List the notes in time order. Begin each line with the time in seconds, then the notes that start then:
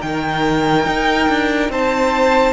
0.00 D#3 D#4 G5
0.07 A#4
0.86 D#4
1.28 D4
1.69 C4 C5 A5